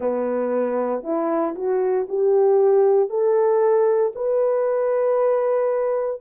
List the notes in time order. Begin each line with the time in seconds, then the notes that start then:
0.00 B3
1.03 E4
1.55 F#4
2.08 G4
3.09 A4
4.15 B4